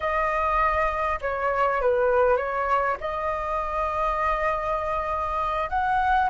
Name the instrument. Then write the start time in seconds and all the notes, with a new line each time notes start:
flute
0.00 D#5
1.21 C#5
1.81 B4
2.36 C#5
3.00 D#5
5.69 F#5